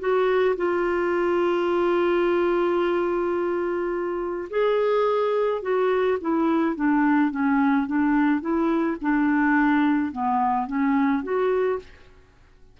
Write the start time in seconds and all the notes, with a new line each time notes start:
0.00 F#4
0.57 F4
4.50 G#4
5.62 F#4
6.21 E4
6.76 D4
7.31 C#4
7.87 D4
8.41 E4
9.02 D4
10.12 B3
10.67 C#4
11.24 F#4